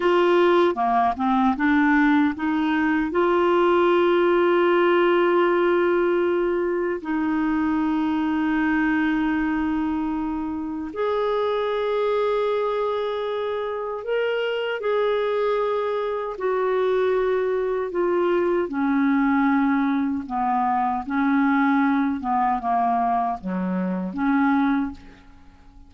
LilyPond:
\new Staff \with { instrumentName = "clarinet" } { \time 4/4 \tempo 4 = 77 f'4 ais8 c'8 d'4 dis'4 | f'1~ | f'4 dis'2.~ | dis'2 gis'2~ |
gis'2 ais'4 gis'4~ | gis'4 fis'2 f'4 | cis'2 b4 cis'4~ | cis'8 b8 ais4 fis4 cis'4 | }